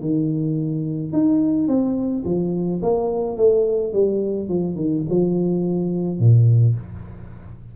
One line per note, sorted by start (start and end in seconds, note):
0.00 1.12 D#3
1.12 1.67 D#4
1.67 2.24 C4
2.24 2.80 F3
2.82 3.37 A#3
3.37 3.93 A3
3.93 4.48 G3
4.48 4.75 F3
4.75 5.03 D#3
5.09 6.19 F3
6.19 6.75 A#2